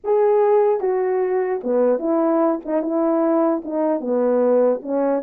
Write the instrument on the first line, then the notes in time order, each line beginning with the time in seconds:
horn
0.04 G#4
0.80 F#4
1.63 B3
1.99 E4
2.65 D#4
2.82 E4
3.64 D#4
4.00 B3
4.82 C#4